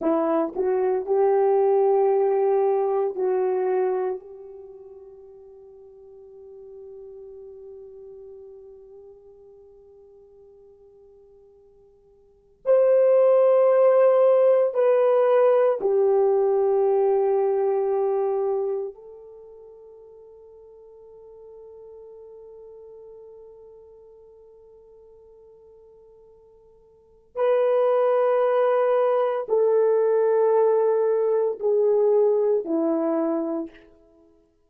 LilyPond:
\new Staff \with { instrumentName = "horn" } { \time 4/4 \tempo 4 = 57 e'8 fis'8 g'2 fis'4 | g'1~ | g'1 | c''2 b'4 g'4~ |
g'2 a'2~ | a'1~ | a'2 b'2 | a'2 gis'4 e'4 | }